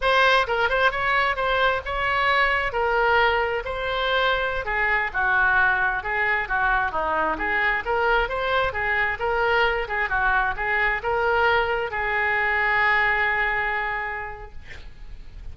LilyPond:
\new Staff \with { instrumentName = "oboe" } { \time 4/4 \tempo 4 = 132 c''4 ais'8 c''8 cis''4 c''4 | cis''2 ais'2 | c''2~ c''16 gis'4 fis'8.~ | fis'4~ fis'16 gis'4 fis'4 dis'8.~ |
dis'16 gis'4 ais'4 c''4 gis'8.~ | gis'16 ais'4. gis'8 fis'4 gis'8.~ | gis'16 ais'2 gis'4.~ gis'16~ | gis'1 | }